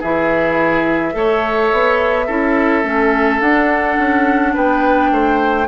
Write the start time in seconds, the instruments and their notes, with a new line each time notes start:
0.00 bassoon E3, clarinet E4, oboe G#4, flute E5
1.12 bassoon A3, clarinet A4, oboe C#5
1.73 bassoon B3
2.27 bassoon C#4, clarinet E4, oboe A4
2.84 bassoon A3, clarinet C#4
3.41 bassoon D4, clarinet D4, flute F#5
3.98 bassoon C#4
4.54 bassoon B3, oboe B4, flute G5
5.11 bassoon A3, oboe C5